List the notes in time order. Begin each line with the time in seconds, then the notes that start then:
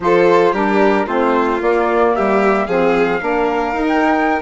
0.00 F3 F4 A4 C5
0.52 G3 D4 G4 A#4
1.06 A3 C4 F4 C5
1.60 A#3 D5
2.15 G3 G4 E5
2.66 F3 C4 G#4 F5
3.20 A#3 D4 A#4
3.72 D#4
3.88 G5